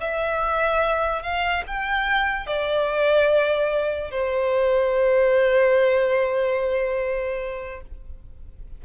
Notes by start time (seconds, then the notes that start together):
0.00 E5
1.23 F5
1.67 G5
2.47 D5
4.11 C5